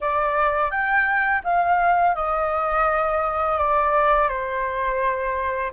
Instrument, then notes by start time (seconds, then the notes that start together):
flute
0.00 D5
0.70 G5
1.44 F5
2.15 D#5
3.58 D5
4.29 C5